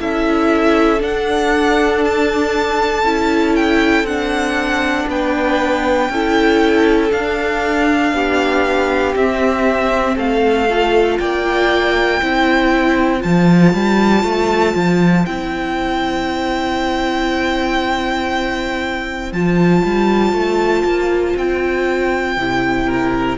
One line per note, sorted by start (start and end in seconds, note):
0.00 1.02 C#4
0.00 1.00 E4
0.00 5.08 A4
0.00 1.02 E5
1.00 3.03 D4
1.00 2.05 F#5
2.05 3.56 A5
3.03 4.03 C#4
3.03 4.07 E4
3.56 4.07 G5
4.03 5.05 C4
4.03 6.11 D4
4.03 5.08 F#5
5.08 6.10 B3
5.08 6.11 B4
5.08 7.12 G5
6.10 7.11 C#4
6.10 7.11 E4
6.10 8.14 A4
7.11 9.15 D4
7.11 8.13 D4
7.11 9.15 F5
8.13 9.15 B3
8.13 10.15 G4
9.16 10.17 C4
9.16 10.69 C4
9.16 10.18 E5
10.15 11.19 A3
10.15 11.17 A4
10.15 11.19 F5
10.70 12.22 F4
11.19 12.22 A#3
11.19 12.22 D5
11.19 13.23 G5
12.22 13.24 C4
12.22 13.20 E4
12.22 22.87 C5
13.20 13.74 F3
13.20 15.23 F4
13.20 15.26 A5
13.74 14.24 G3
14.24 14.75 A3
14.75 15.26 F3
15.26 19.33 C4
15.26 19.33 E4
15.26 19.33 G5
19.33 19.83 F3
19.33 22.39 F4
19.33 21.37 A5
19.85 20.33 G3
20.33 20.84 A3
20.85 21.36 A#3
21.36 22.37 C4
21.36 23.38 G5
22.37 23.38 C3
22.37 23.38 E4
22.87 23.38 A#4